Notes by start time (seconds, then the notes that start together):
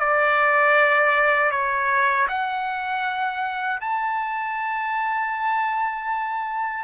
0.00 D5
1.52 C#5
2.29 F#5
3.81 A5